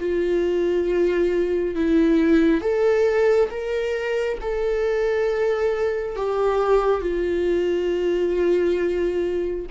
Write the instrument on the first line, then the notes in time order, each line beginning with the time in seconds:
viola
0.00 F4
1.76 E4
2.61 A4
3.51 A#4
4.42 A4
6.16 G4
7.02 F4